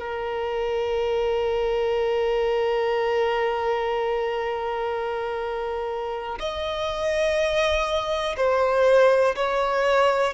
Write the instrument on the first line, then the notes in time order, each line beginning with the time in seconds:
violin
0.00 A#4
6.40 D#5
8.37 C5
9.36 C#5